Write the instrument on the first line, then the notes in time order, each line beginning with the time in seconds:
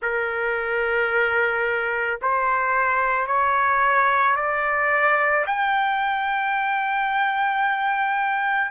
trumpet
0.01 A#4
2.21 C5
3.26 C#5
4.36 D5
5.46 G5